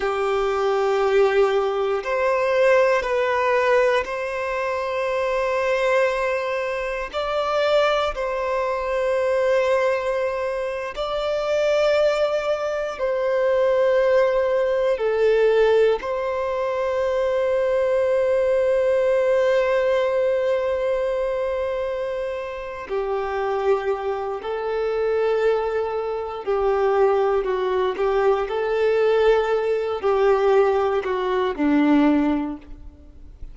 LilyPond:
\new Staff \with { instrumentName = "violin" } { \time 4/4 \tempo 4 = 59 g'2 c''4 b'4 | c''2. d''4 | c''2~ c''8. d''4~ d''16~ | d''8. c''2 a'4 c''16~ |
c''1~ | c''2~ c''8 g'4. | a'2 g'4 fis'8 g'8 | a'4. g'4 fis'8 d'4 | }